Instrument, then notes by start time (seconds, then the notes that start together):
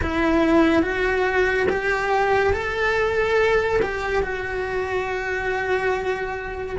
cello
0.02 E4
0.82 F#4
1.69 G4
2.53 A4
3.81 G4
4.23 F#4